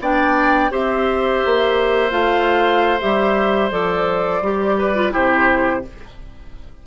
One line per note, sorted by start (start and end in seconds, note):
0.00 0.71 B3
0.00 0.70 D4
0.00 0.71 D5
0.00 0.73 G5
0.70 1.42 C4
0.70 2.10 G4
0.70 4.77 C5
0.70 2.12 E5
1.45 2.11 A#3
2.10 3.00 A3
2.10 2.99 F4
2.10 3.00 F5
3.00 3.71 G3
3.00 3.71 G4
3.00 3.71 E5
3.71 4.41 F3
3.71 4.41 A4
3.71 5.12 D5
4.41 5.12 G3
4.41 4.95 G4
4.78 5.12 B4
4.95 5.11 F4
5.11 5.86 C3
5.11 5.82 E4
5.11 5.83 G4
5.11 5.84 C5